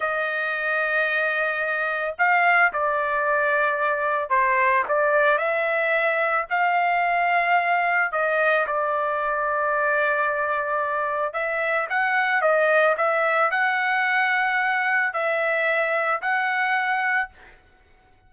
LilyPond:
\new Staff \with { instrumentName = "trumpet" } { \time 4/4 \tempo 4 = 111 dis''1 | f''4 d''2. | c''4 d''4 e''2 | f''2. dis''4 |
d''1~ | d''4 e''4 fis''4 dis''4 | e''4 fis''2. | e''2 fis''2 | }